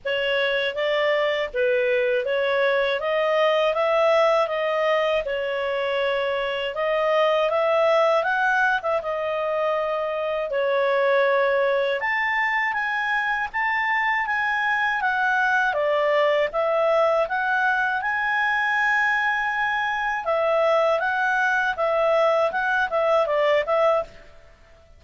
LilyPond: \new Staff \with { instrumentName = "clarinet" } { \time 4/4 \tempo 4 = 80 cis''4 d''4 b'4 cis''4 | dis''4 e''4 dis''4 cis''4~ | cis''4 dis''4 e''4 fis''8. e''16 | dis''2 cis''2 |
a''4 gis''4 a''4 gis''4 | fis''4 d''4 e''4 fis''4 | gis''2. e''4 | fis''4 e''4 fis''8 e''8 d''8 e''8 | }